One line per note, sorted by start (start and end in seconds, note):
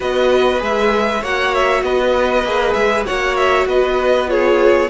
0.00 0.61 B3
0.00 0.58 F#4
0.00 1.21 B4
0.00 0.62 D#5
0.58 1.22 G#3
0.58 1.20 G#4
0.58 1.23 E5
1.21 1.82 A#3
1.21 2.45 F#4
1.21 1.82 C#5
1.21 1.54 F#5
1.54 1.83 E5
1.82 2.43 B3
1.82 3.06 B4
1.82 2.73 D#5
2.43 2.74 A#3
2.43 3.05 G#4
2.73 3.05 G#3
2.73 3.03 E5
3.05 3.65 A#3
3.05 4.27 F#4
3.05 3.67 C#5
3.05 3.36 F#5
3.36 3.67 E5
3.65 4.88 B3
3.65 4.29 B4
3.65 4.29 D#5
4.27 4.88 F4
4.27 4.90 G#4
4.27 4.90 C#5